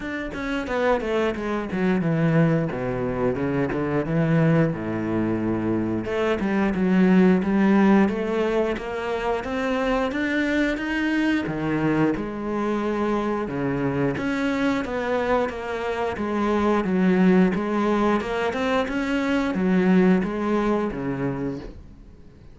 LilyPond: \new Staff \with { instrumentName = "cello" } { \time 4/4 \tempo 4 = 89 d'8 cis'8 b8 a8 gis8 fis8 e4 | b,4 cis8 d8 e4 a,4~ | a,4 a8 g8 fis4 g4 | a4 ais4 c'4 d'4 |
dis'4 dis4 gis2 | cis4 cis'4 b4 ais4 | gis4 fis4 gis4 ais8 c'8 | cis'4 fis4 gis4 cis4 | }